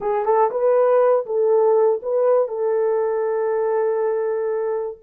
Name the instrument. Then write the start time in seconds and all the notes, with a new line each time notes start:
horn
0.00 G#4
0.25 A4
0.50 B4
1.25 A4
2.02 B4
2.48 A4